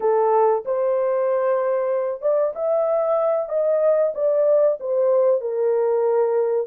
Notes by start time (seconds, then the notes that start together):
0.00 A4
0.65 C5
2.21 D5
2.55 E5
3.48 D#5
4.14 D5
4.80 C5
5.41 A#4